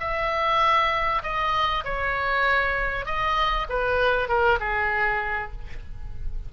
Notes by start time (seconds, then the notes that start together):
0.00 E5
1.23 D#5
1.84 C#5
3.05 D#5
3.69 B4
4.28 A#4
4.60 G#4